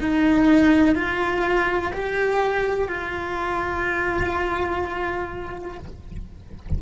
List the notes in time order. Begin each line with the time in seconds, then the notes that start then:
0.00 D#4
0.95 F4
1.93 G4
2.88 F4